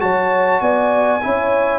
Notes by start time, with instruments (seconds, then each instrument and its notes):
0.00 tuba F#3, trombone F#4, horn C#5, trumpet A5
0.61 tuba B3, horn D5, trumpet G#5
1.23 tuba C#4, trombone E4, horn C#5